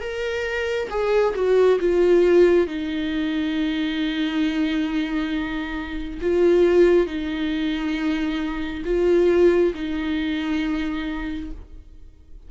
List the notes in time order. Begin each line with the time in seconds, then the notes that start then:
0.00 A#4
0.90 G#4
1.35 F#4
1.79 F4
2.67 D#4
6.21 F4
7.06 D#4
8.85 F4
9.74 D#4